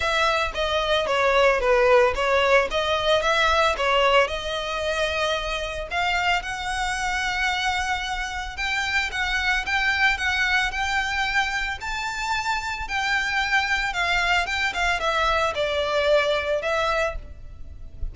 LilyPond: \new Staff \with { instrumentName = "violin" } { \time 4/4 \tempo 4 = 112 e''4 dis''4 cis''4 b'4 | cis''4 dis''4 e''4 cis''4 | dis''2. f''4 | fis''1 |
g''4 fis''4 g''4 fis''4 | g''2 a''2 | g''2 f''4 g''8 f''8 | e''4 d''2 e''4 | }